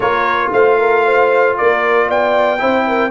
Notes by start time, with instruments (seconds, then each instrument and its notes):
0.00 tuba A#3, trombone F4, horn A#4, trumpet C#5
0.52 tuba A3, horn C5, trumpet F5
0.79 horn A#4
1.04 horn C5
1.57 tuba A#3, horn A#4, trumpet D5
2.07 tuba B3, horn D5, trumpet G5
2.58 tuba C4, trombone E4, horn C5
2.86 horn A#4